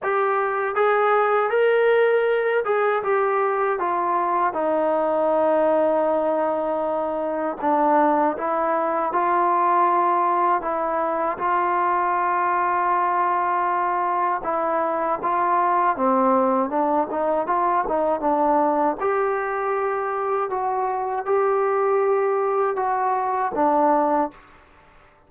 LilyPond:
\new Staff \with { instrumentName = "trombone" } { \time 4/4 \tempo 4 = 79 g'4 gis'4 ais'4. gis'8 | g'4 f'4 dis'2~ | dis'2 d'4 e'4 | f'2 e'4 f'4~ |
f'2. e'4 | f'4 c'4 d'8 dis'8 f'8 dis'8 | d'4 g'2 fis'4 | g'2 fis'4 d'4 | }